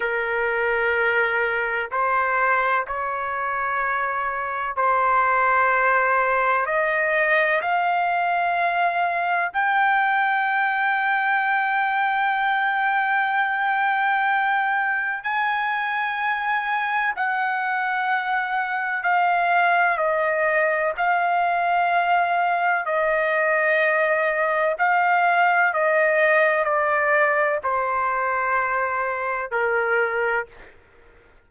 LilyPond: \new Staff \with { instrumentName = "trumpet" } { \time 4/4 \tempo 4 = 63 ais'2 c''4 cis''4~ | cis''4 c''2 dis''4 | f''2 g''2~ | g''1 |
gis''2 fis''2 | f''4 dis''4 f''2 | dis''2 f''4 dis''4 | d''4 c''2 ais'4 | }